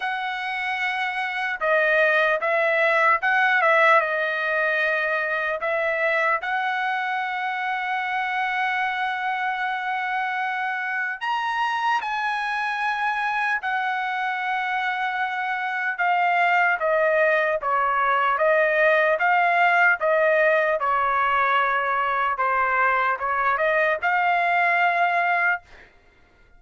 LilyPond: \new Staff \with { instrumentName = "trumpet" } { \time 4/4 \tempo 4 = 75 fis''2 dis''4 e''4 | fis''8 e''8 dis''2 e''4 | fis''1~ | fis''2 ais''4 gis''4~ |
gis''4 fis''2. | f''4 dis''4 cis''4 dis''4 | f''4 dis''4 cis''2 | c''4 cis''8 dis''8 f''2 | }